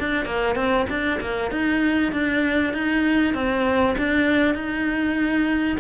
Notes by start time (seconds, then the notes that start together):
0.00 D4
0.26 A#3
0.56 C4
0.90 D4
1.21 A#3
1.52 D#4
2.13 D4
2.74 D#4
3.35 C4
3.98 D4
4.55 D#4